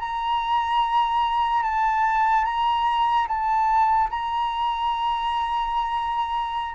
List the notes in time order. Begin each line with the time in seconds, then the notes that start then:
0.00 A#5
1.63 A5
2.45 A#5
3.28 A5
4.11 A#5